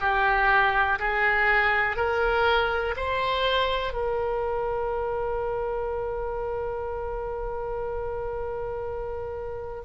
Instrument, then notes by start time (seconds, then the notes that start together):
oboe
0.00 G4
0.99 G#4
1.96 A#4
2.96 C5
3.93 A#4